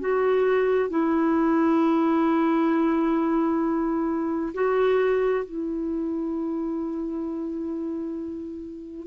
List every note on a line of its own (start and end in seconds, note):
0.00 0.90 F#4
0.90 4.53 E4
4.54 5.45 F#4
5.45 9.07 E4